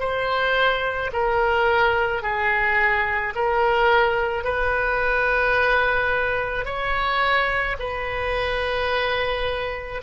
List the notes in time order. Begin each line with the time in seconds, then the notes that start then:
0.00 C5
1.13 A#4
2.23 G#4
3.35 A#4
4.44 B4
6.65 C#5
7.79 B4